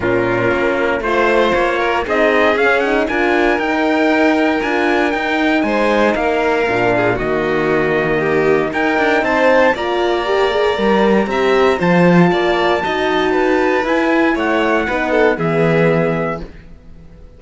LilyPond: <<
  \new Staff \with { instrumentName = "trumpet" } { \time 4/4 \tempo 4 = 117 ais'2 c''4 cis''4 | dis''4 f''8 fis''8 gis''4 g''4~ | g''4 gis''4 g''4 gis''4 | f''2 dis''2~ |
dis''4 g''4 a''4 ais''4~ | ais''2. a''4~ | a''2. gis''4 | fis''2 e''2 | }
  \new Staff \with { instrumentName = "violin" } { \time 4/4 f'2 c''4. ais'8 | gis'2 ais'2~ | ais'2. c''4 | ais'4. gis'8 fis'2 |
g'4 ais'4 c''4 d''4~ | d''2 e''4 c''4 | d''4 dis''4 b'2 | cis''4 b'8 a'8 gis'2 | }
  \new Staff \with { instrumentName = "horn" } { \time 4/4 cis'2 f'2 | dis'4 cis'8 dis'8 f'4 dis'4~ | dis'4 f'4 dis'2~ | dis'4 d'4 ais2~ |
ais4 dis'2 f'4 | g'8 gis'8 ais'4 g'4 f'4~ | f'4 fis'2 e'4~ | e'4 dis'4 b2 | }
  \new Staff \with { instrumentName = "cello" } { \time 4/4 ais,4 ais4 a4 ais4 | c'4 cis'4 d'4 dis'4~ | dis'4 d'4 dis'4 gis4 | ais4 ais,4 dis2~ |
dis4 dis'8 d'8 c'4 ais4~ | ais4 g4 c'4 f4 | ais4 dis'2 e'4 | a4 b4 e2 | }
>>